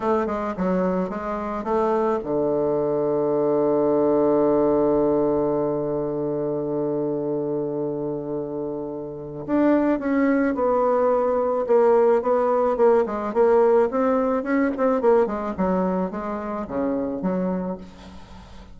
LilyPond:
\new Staff \with { instrumentName = "bassoon" } { \time 4/4 \tempo 4 = 108 a8 gis8 fis4 gis4 a4 | d1~ | d1~ | d1~ |
d4 d'4 cis'4 b4~ | b4 ais4 b4 ais8 gis8 | ais4 c'4 cis'8 c'8 ais8 gis8 | fis4 gis4 cis4 fis4 | }